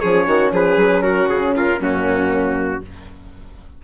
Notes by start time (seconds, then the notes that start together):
0.00 F3 C#4 G#4 C#5
0.27 D#3 F#4
0.52 F3 G#4 B4
0.76 F#3
1.02 F#4 A#4
1.29 C#3 G#4
1.56 F4 A#4
1.79 F#2 A#3 C#4 F#4